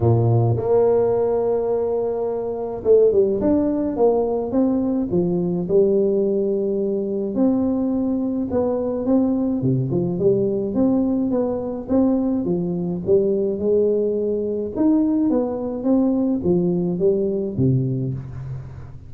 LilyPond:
\new Staff \with { instrumentName = "tuba" } { \time 4/4 \tempo 4 = 106 ais,4 ais2.~ | ais4 a8 g8 d'4 ais4 | c'4 f4 g2~ | g4 c'2 b4 |
c'4 c8 f8 g4 c'4 | b4 c'4 f4 g4 | gis2 dis'4 b4 | c'4 f4 g4 c4 | }